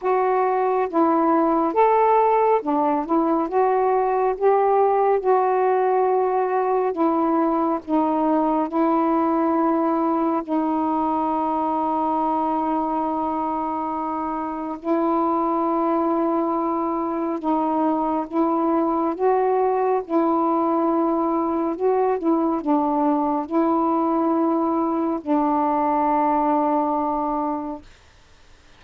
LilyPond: \new Staff \with { instrumentName = "saxophone" } { \time 4/4 \tempo 4 = 69 fis'4 e'4 a'4 d'8 e'8 | fis'4 g'4 fis'2 | e'4 dis'4 e'2 | dis'1~ |
dis'4 e'2. | dis'4 e'4 fis'4 e'4~ | e'4 fis'8 e'8 d'4 e'4~ | e'4 d'2. | }